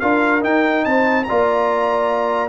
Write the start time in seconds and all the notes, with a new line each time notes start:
0.00 D4 F4 A#4 F5
0.41 D#4 G5
0.85 C4 C5 A5
1.24 F4 D5 A#5
1.30 A#3